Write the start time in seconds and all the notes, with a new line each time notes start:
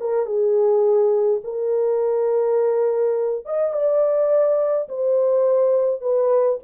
0.00 A#4
0.25 G#4
1.43 A#4
3.45 D#5
3.73 D5
4.89 C5
6.01 B4